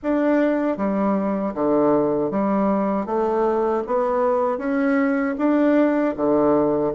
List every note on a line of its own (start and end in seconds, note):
0.02 0.77 D4
0.77 1.54 G3
1.54 2.30 D3
2.30 3.06 G3
3.06 3.83 A3
3.86 4.58 B3
4.58 5.35 C#4
5.38 6.15 D4
6.16 6.93 D3